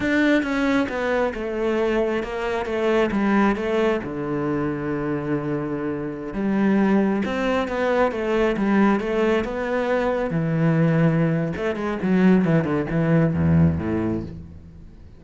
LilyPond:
\new Staff \with { instrumentName = "cello" } { \time 4/4 \tempo 4 = 135 d'4 cis'4 b4 a4~ | a4 ais4 a4 g4 | a4 d2.~ | d2~ d16 g4.~ g16~ |
g16 c'4 b4 a4 g8.~ | g16 a4 b2 e8.~ | e2 a8 gis8 fis4 | e8 d8 e4 e,4 a,4 | }